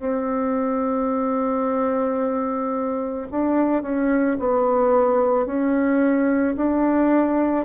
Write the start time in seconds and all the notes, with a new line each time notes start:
0.00 C4
3.32 D4
3.83 C#4
4.39 B3
5.46 C#4
6.57 D4